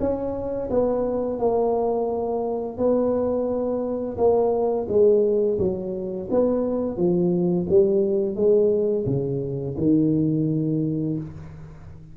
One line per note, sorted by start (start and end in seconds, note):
0.00 0.70 C#4
0.70 1.39 B3
1.39 2.77 A#3
2.77 4.17 B3
4.18 4.87 A#3
4.89 5.58 G#3
5.59 6.29 F#3
6.31 6.97 B3
6.97 7.67 F3
7.69 8.36 G3
8.36 9.05 G#3
9.06 9.76 C#3
9.78 11.17 D#3